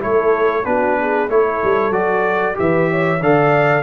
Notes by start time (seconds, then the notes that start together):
0.00 A3 E4 A4 C#5
0.65 B3 D4 F#4 B4
1.00 G#4
1.29 A3 E4 A4 C#5
1.63 G3
1.91 F#3 F#4 D5
2.55 E3 G4 B4 E5
2.91 C#5
3.20 D3 A4 D5 F5